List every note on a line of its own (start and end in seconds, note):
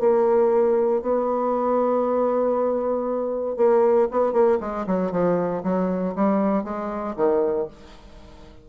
0.00 1.02 A#3
1.02 3.57 B3
3.57 4.08 A#3
4.11 4.33 B3
4.33 4.58 A#3
4.60 4.86 G#3
4.87 5.12 F#3
5.12 5.63 F3
5.63 6.15 F#3
6.15 6.64 G3
6.64 7.15 G#3
7.16 7.67 D#3